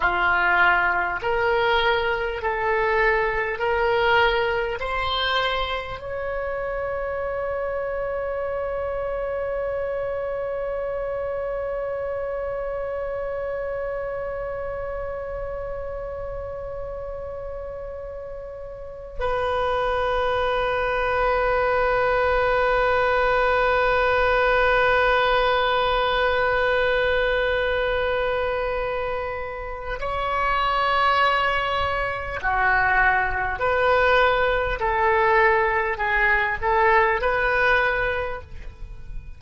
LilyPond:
\new Staff \with { instrumentName = "oboe" } { \time 4/4 \tempo 4 = 50 f'4 ais'4 a'4 ais'4 | c''4 cis''2.~ | cis''1~ | cis''1 |
b'1~ | b'1~ | b'4 cis''2 fis'4 | b'4 a'4 gis'8 a'8 b'4 | }